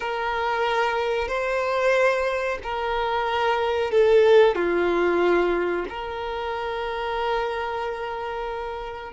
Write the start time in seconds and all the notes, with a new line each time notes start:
0.00 A#4
1.28 C5
2.63 A#4
3.91 A4
4.55 F4
5.89 A#4